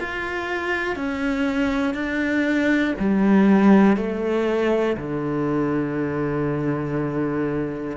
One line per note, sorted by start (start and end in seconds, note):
0.00 0.95 F4
0.95 1.94 C#4
1.94 2.94 D4
3.00 3.97 G3
3.97 4.97 A3
4.97 7.97 D3